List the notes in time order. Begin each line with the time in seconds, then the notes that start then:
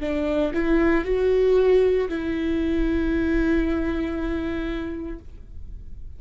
0.00 D4
0.54 E4
1.04 F#4
2.09 E4